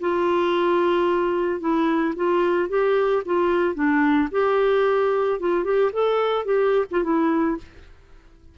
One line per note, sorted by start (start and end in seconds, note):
0.00 1.60 F4
1.60 2.14 E4
2.16 2.69 F4
2.69 3.23 G4
3.25 3.74 F4
3.74 4.29 D4
4.31 5.40 G4
5.40 5.64 F4
5.64 5.91 G4
5.92 6.45 A4
6.45 6.85 G4
6.91 7.03 F4
7.03 7.57 E4